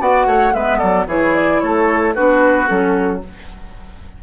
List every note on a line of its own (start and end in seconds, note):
0.00 0.27 B3
0.00 0.54 F#4
0.00 0.27 D5
0.00 0.54 F#5
0.27 0.53 A3
0.27 0.54 C#5
0.54 0.81 G#3
0.54 1.08 B3
0.54 0.78 B4
0.54 0.79 E5
0.78 1.07 F#3
0.78 1.05 A4
0.78 1.06 D5
1.07 1.60 E3
1.07 2.15 E4
1.07 1.62 G#4
1.07 1.35 C#5
1.35 1.60 D5
1.60 2.17 A3
1.60 2.15 A4
1.60 2.14 C#5
2.15 2.70 B3
2.15 2.67 D4
2.15 3.22 F#4
2.15 2.69 B4
2.67 3.23 F#3
2.67 3.20 C#4
2.67 3.22 A4